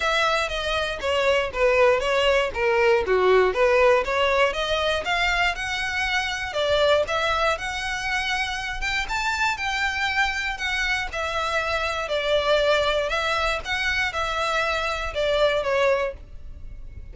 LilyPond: \new Staff \with { instrumentName = "violin" } { \time 4/4 \tempo 4 = 119 e''4 dis''4 cis''4 b'4 | cis''4 ais'4 fis'4 b'4 | cis''4 dis''4 f''4 fis''4~ | fis''4 d''4 e''4 fis''4~ |
fis''4. g''8 a''4 g''4~ | g''4 fis''4 e''2 | d''2 e''4 fis''4 | e''2 d''4 cis''4 | }